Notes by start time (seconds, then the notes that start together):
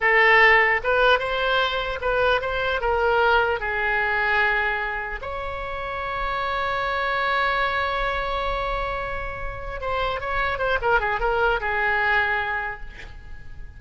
0.00 A4
0.83 B4
1.19 C5
2.01 B4
2.41 C5
2.80 A#4
3.59 G#4
5.21 C#5
9.80 C5
10.20 C#5
10.58 C5
10.81 A#4
10.99 G#4
11.20 A#4
11.60 G#4